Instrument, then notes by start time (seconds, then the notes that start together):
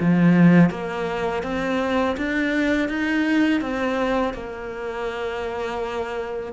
cello
0.00 F3
0.70 A#3
1.43 C4
2.17 D4
2.88 D#4
3.61 C4
4.34 A#3